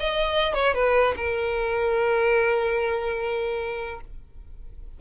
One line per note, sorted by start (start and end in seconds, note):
0.00 0.55 D#5
0.55 0.74 C#5
0.74 1.15 B4
1.17 4.01 A#4